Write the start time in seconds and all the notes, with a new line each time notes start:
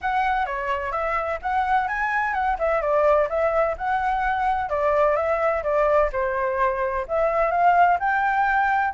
0.01 F#5
0.46 C#5
0.92 E5
1.42 F#5
1.88 G#5
2.33 F#5
2.58 E5
2.81 D5
3.29 E5
3.77 F#5
4.69 D5
5.16 E5
5.63 D5
6.12 C5
7.08 E5
7.51 F5
7.99 G5